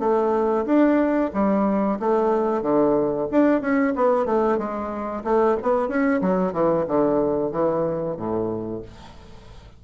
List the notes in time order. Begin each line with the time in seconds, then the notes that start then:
0.00 A3
0.66 D4
1.34 G3
2.00 A3
2.62 D3
3.32 D4
3.61 C#4
3.96 B3
4.26 A3
4.58 G#3
5.24 A3
5.63 B3
5.88 C#4
6.21 F#3
6.53 E3
6.88 D3
7.52 E3
8.17 A2